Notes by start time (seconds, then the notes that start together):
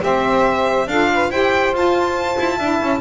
0.00 C4 G4 C5 E5
0.87 D4 F4 A4 F5
1.13 B4
1.30 E4 G4 C5 G5
1.72 F4 A5
2.38 E4
2.56 D4 E4 E5
2.81 C#4